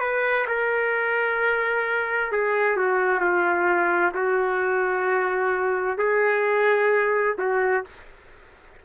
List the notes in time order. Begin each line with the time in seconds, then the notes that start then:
0.00 B4
0.47 A#4
2.32 G#4
2.77 F#4
3.20 F4
4.14 F#4
5.98 G#4
7.38 F#4